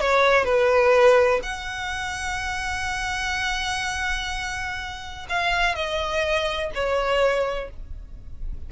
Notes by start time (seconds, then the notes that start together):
0.00 C#5
0.44 B4
1.42 F#5
5.29 F5
5.75 D#5
6.74 C#5